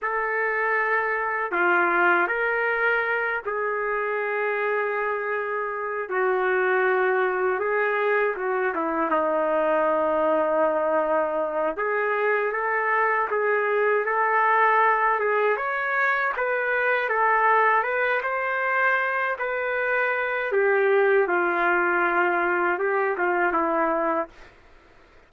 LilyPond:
\new Staff \with { instrumentName = "trumpet" } { \time 4/4 \tempo 4 = 79 a'2 f'4 ais'4~ | ais'8 gis'2.~ gis'8 | fis'2 gis'4 fis'8 e'8 | dis'2.~ dis'8 gis'8~ |
gis'8 a'4 gis'4 a'4. | gis'8 cis''4 b'4 a'4 b'8 | c''4. b'4. g'4 | f'2 g'8 f'8 e'4 | }